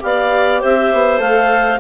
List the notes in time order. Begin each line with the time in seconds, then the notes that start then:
0.00 B3 G4 D5 F5
0.61 C4 C5 E5
0.93 B3
1.18 A3 A4 F5